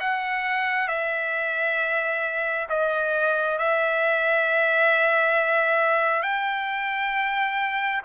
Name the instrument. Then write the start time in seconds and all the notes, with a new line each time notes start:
trumpet
0.00 F#5
0.88 E5
2.69 D#5
3.59 E5
6.23 G5